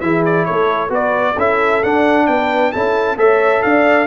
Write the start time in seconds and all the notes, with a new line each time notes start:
0.00 E3 E4 G#4 E5
0.25 D5
0.45 A3 A4 C#5
0.89 B3 F#4 B4 D5
1.34 C#4 E4 A4 E5
1.83 D4 F#5
2.26 B3 B4 G5
2.72 C#4 E4 A4 A5
3.16 A3 A4 C#5 E5
3.62 D4 D5 F5